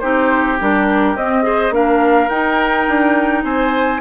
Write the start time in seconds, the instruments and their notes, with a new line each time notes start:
0.00 bassoon C4, clarinet D#4, oboe G4, flute C5
0.60 bassoon G3, clarinet D4, flute A#4
1.15 bassoon C4, clarinet C4, flute D#5
1.43 clarinet G#4, oboe C5
1.71 bassoon A#3, clarinet D4, oboe A#4, flute F5
2.29 bassoon D#4, clarinet D#4, flute G5
2.88 bassoon D4
3.44 bassoon C4, oboe C5, flute G#5